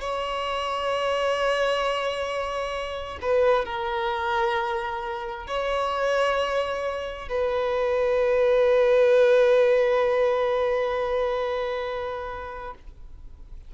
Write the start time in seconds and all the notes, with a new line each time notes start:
0.00 C#5
3.21 B4
3.65 A#4
5.47 C#5
7.29 B4